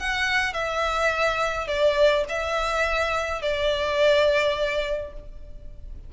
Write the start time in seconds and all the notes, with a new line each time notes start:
0.00 F#5
0.54 E5
1.68 D5
2.29 E5
3.42 D5